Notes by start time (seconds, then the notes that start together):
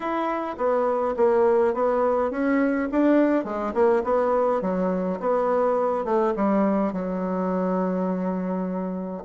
0.00 E4
0.57 B3
1.17 A#3
1.74 B3
2.30 C#4
2.91 D4
3.44 G#3
3.74 A#3
4.04 B3
4.61 F#3
5.19 B3
6.04 A3
6.36 G3
6.92 F#3